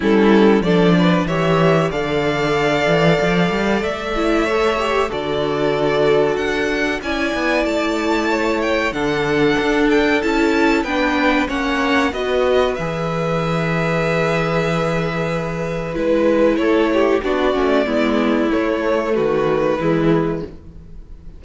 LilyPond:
<<
  \new Staff \with { instrumentName = "violin" } { \time 4/4 \tempo 4 = 94 a'4 d''4 e''4 f''4~ | f''2 e''2 | d''2 fis''4 gis''4 | a''4. g''8 fis''4. g''8 |
a''4 g''4 fis''4 dis''4 | e''1~ | e''4 b'4 cis''4 d''4~ | d''4 cis''4 b'2 | }
  \new Staff \with { instrumentName = "violin" } { \time 4/4 e'4 a'8 b'8 cis''4 d''4~ | d''2. cis''4 | a'2. d''4~ | d''4 cis''4 a'2~ |
a'4 b'4 cis''4 b'4~ | b'1~ | b'2 a'8 g'8 fis'4 | e'2 fis'4 e'4 | }
  \new Staff \with { instrumentName = "viola" } { \time 4/4 cis'4 d'4 g'4 a'4~ | a'2~ a'8 e'8 a'8 g'8 | fis'2. e'4~ | e'2 d'2 |
e'4 d'4 cis'4 fis'4 | gis'1~ | gis'4 e'2 d'8 cis'8 | b4 a2 gis4 | }
  \new Staff \with { instrumentName = "cello" } { \time 4/4 g4 f4 e4 d4~ | d8 e8 f8 g8 a2 | d2 d'4 cis'8 b8 | a2 d4 d'4 |
cis'4 b4 ais4 b4 | e1~ | e4 gis4 a4 b8 a8 | gis4 a4 dis4 e4 | }
>>